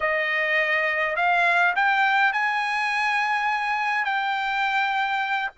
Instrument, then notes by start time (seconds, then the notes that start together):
trumpet
0.00 D#5
1.16 F5
1.75 G5
2.32 G#5
4.04 G5